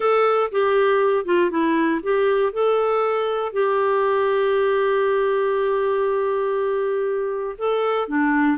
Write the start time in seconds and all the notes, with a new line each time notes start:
0.00 A4
0.51 G4
1.25 F4
1.50 E4
2.02 G4
2.52 A4
3.52 G4
7.58 A4
8.08 D4